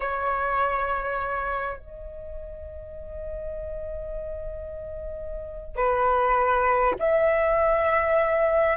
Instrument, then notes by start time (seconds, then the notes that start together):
flute
0.00 C#5
1.78 D#5
5.75 B4
6.99 E5